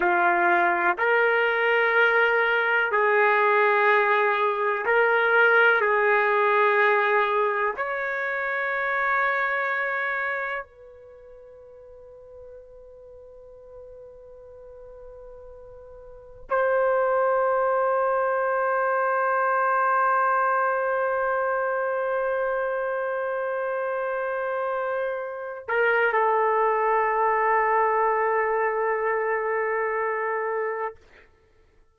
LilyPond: \new Staff \with { instrumentName = "trumpet" } { \time 4/4 \tempo 4 = 62 f'4 ais'2 gis'4~ | gis'4 ais'4 gis'2 | cis''2. b'4~ | b'1~ |
b'4 c''2.~ | c''1~ | c''2~ c''8 ais'8 a'4~ | a'1 | }